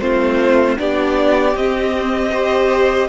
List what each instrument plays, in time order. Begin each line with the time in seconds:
0.00 cello A3, viola C4, violin F4 C5
0.77 cello B3, viola D4, violin G4 D5
1.54 cello C4, viola C4, violin D#5
2.31 viola G4, violin C5